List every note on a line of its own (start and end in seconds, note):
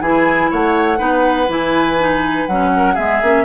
0.00 0.49 E3
0.00 0.97 E4
0.00 0.50 G#4
0.00 0.50 G#5
0.50 0.99 A3
0.50 0.98 C#5
0.50 1.50 F#5
0.97 1.48 B3
0.97 1.46 D#4
0.97 2.70 B4
1.48 2.46 E3
1.48 1.97 E4
1.48 2.46 G#5
1.99 2.48 D#4
2.46 2.96 F#3
2.46 2.96 C#4
2.46 2.95 F#5
2.76 2.94 A#4
2.94 3.22 G#3
2.94 3.21 B3
2.94 3.43 G#4
2.94 3.44 E5
3.22 3.44 A#3
3.22 3.44 C#4